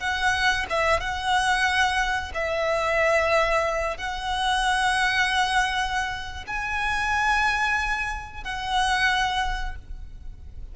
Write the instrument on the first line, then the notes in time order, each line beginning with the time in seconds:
violin
0.00 F#5
0.70 E5
1.00 F#5
2.34 E5
3.98 F#5
6.47 G#5
8.44 F#5